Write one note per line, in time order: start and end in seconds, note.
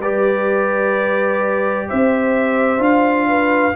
0.00 1.88 G3
0.00 2.79 G4
0.00 1.88 B4
0.00 1.89 D5
1.89 2.79 C4
1.89 3.29 C5
1.89 2.83 E5
2.79 3.73 D4
2.79 3.72 F4
2.79 3.76 F5
3.29 3.75 B4